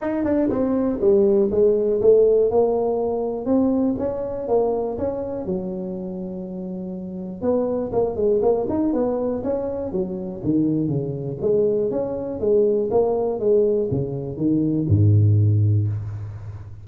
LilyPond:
\new Staff \with { instrumentName = "tuba" } { \time 4/4 \tempo 4 = 121 dis'8 d'8 c'4 g4 gis4 | a4 ais2 c'4 | cis'4 ais4 cis'4 fis4~ | fis2. b4 |
ais8 gis8 ais8 dis'8 b4 cis'4 | fis4 dis4 cis4 gis4 | cis'4 gis4 ais4 gis4 | cis4 dis4 gis,2 | }